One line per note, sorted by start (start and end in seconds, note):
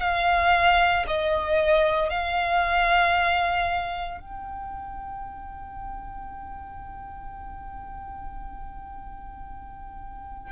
0.00 1.05 F5
1.07 2.10 D#5
2.10 4.20 F5
4.20 10.51 G5